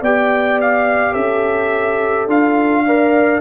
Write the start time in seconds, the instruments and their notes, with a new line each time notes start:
0.00 tuba B3, trombone G4, horn D5, trumpet G5
0.61 trumpet F5
1.12 tuba C#4, horn A4, trumpet E5
2.27 tuba D4, trombone F4, trumpet F5
2.87 trombone A#4, horn D5